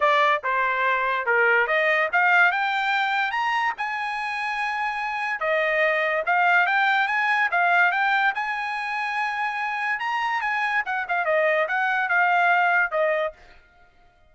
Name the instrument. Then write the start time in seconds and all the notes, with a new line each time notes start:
trumpet
0.00 D5
0.43 C5
1.26 A#4
1.67 D#5
2.12 F5
2.51 G5
3.31 A#5
3.77 G#5
5.40 D#5
6.25 F5
6.66 G5
7.07 G#5
7.51 F5
7.91 G5
8.34 G#5
9.99 A#5
10.41 G#5
10.85 F#5
11.08 F5
11.25 D#5
11.68 F#5
12.09 F5
12.91 D#5